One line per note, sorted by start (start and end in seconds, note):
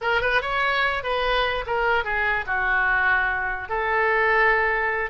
0.01 0.21 A#4
0.21 0.41 B4
0.41 1.03 C#5
1.03 1.64 B4
1.66 2.04 A#4
2.04 2.45 G#4
2.46 3.69 F#4
3.69 5.10 A4